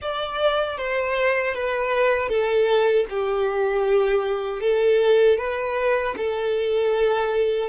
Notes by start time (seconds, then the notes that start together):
0.01 D5
0.77 C5
1.54 B4
2.28 A4
3.09 G4
4.60 A4
5.38 B4
6.17 A4